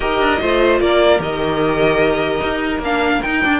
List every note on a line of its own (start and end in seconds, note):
0.00 0.20 D#4
0.00 0.39 G4
0.00 0.40 A#4
0.00 0.80 D#5
0.20 0.40 D4
0.41 0.80 A3
0.41 1.18 F4
0.41 0.81 C5
0.80 1.19 A#3
0.80 3.59 A#4
0.80 1.20 D5
1.18 2.40 D#3
1.18 2.79 G4
1.18 2.83 D#5
2.43 2.79 D#4
2.79 3.19 A#3
2.79 3.24 D4
2.79 3.22 F5
3.22 3.42 D#4
3.22 3.45 D#4
3.22 3.59 G5
3.42 3.59 D4